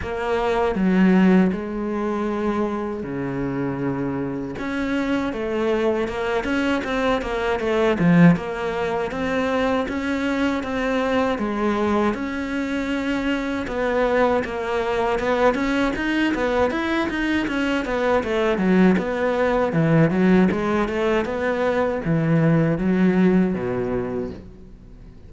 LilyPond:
\new Staff \with { instrumentName = "cello" } { \time 4/4 \tempo 4 = 79 ais4 fis4 gis2 | cis2 cis'4 a4 | ais8 cis'8 c'8 ais8 a8 f8 ais4 | c'4 cis'4 c'4 gis4 |
cis'2 b4 ais4 | b8 cis'8 dis'8 b8 e'8 dis'8 cis'8 b8 | a8 fis8 b4 e8 fis8 gis8 a8 | b4 e4 fis4 b,4 | }